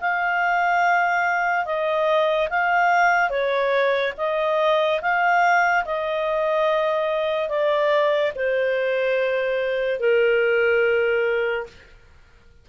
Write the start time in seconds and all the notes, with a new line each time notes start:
0.00 F5
1.65 D#5
2.50 F5
3.30 C#5
4.17 D#5
5.01 F5
5.85 D#5
7.49 D5
8.35 C5
10.00 A#4